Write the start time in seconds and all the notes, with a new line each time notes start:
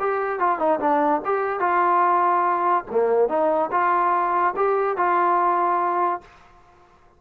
0.00 G4
0.39 F4
0.59 D#4
0.80 D4
1.25 G4
1.60 F4
2.91 A#3
3.29 D#4
3.71 F4
4.56 G4
4.97 F4